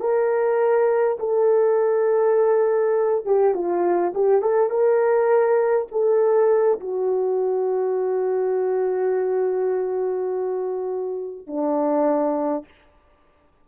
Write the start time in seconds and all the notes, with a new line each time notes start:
0.00 A#4
1.19 A4
3.25 G4
3.54 F4
4.14 G4
4.42 A4
4.70 A#4
5.91 A4
6.80 F#4
11.47 D4